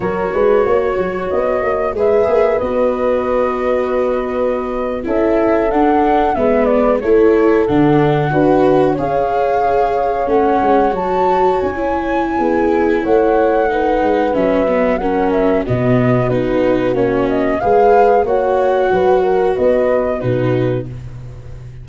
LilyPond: <<
  \new Staff \with { instrumentName = "flute" } { \time 4/4 \tempo 4 = 92 cis''2 dis''4 e''4 | dis''2.~ dis''8. e''16~ | e''8. fis''4 e''8 d''8 cis''4 fis''16~ | fis''4.~ fis''16 f''2 fis''16~ |
fis''8. a''4 gis''2~ gis''16 | fis''2 e''4 fis''8 e''8 | dis''4 b'4 cis''8 dis''8 f''4 | fis''2 dis''4 b'4 | }
  \new Staff \with { instrumentName = "horn" } { \time 4/4 ais'8 b'8 cis''2 b'4~ | b'2.~ b'8. a'16~ | a'4.~ a'16 b'4 a'4~ a'16~ | a'8. b'4 cis''2~ cis''16~ |
cis''2. gis'4 | cis''4 b'2 ais'4 | fis'2. b'4 | cis''4 b'8 ais'8 b'4 fis'4 | }
  \new Staff \with { instrumentName = "viola" } { \time 4/4 fis'2. gis'4 | fis'2.~ fis'8. e'16~ | e'8. d'4 b4 e'4 d'16~ | d'8. fis'4 gis'2 cis'16~ |
cis'8. fis'4~ fis'16 e'2~ | e'4 dis'4 cis'8 b8 cis'4 | b4 dis'4 cis'4 gis'4 | fis'2. dis'4 | }
  \new Staff \with { instrumentName = "tuba" } { \time 4/4 fis8 gis8 ais8 fis8 b8 ais8 gis8 ais8 | b2.~ b8. cis'16~ | cis'8. d'4 gis4 a4 d16~ | d8. d'4 cis'2 a16~ |
a16 gis8 fis4 cis'4~ cis'16 b4 | a4. gis8 fis2 | b,4 b4 ais4 gis4 | ais4 fis4 b4 b,4 | }
>>